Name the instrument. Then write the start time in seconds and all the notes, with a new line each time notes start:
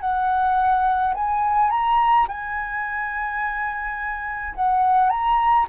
flute
0.00 F#5
1.14 G#5
1.70 A#5
2.28 G#5
4.55 F#5
5.09 A#5